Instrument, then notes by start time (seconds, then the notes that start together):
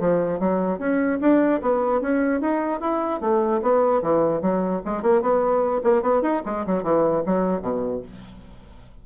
bassoon
0.00 F3
0.40 F#3
0.79 C#4
1.21 D4
1.62 B3
2.02 C#4
2.41 D#4
2.81 E4
3.21 A3
3.62 B3
4.02 E3
4.42 F#3
4.85 G#3
5.03 A#3
5.22 B3
5.84 A#3
6.03 B3
6.23 D#4
6.46 G#3
6.67 F#3
6.84 E3
7.26 F#3
7.62 B2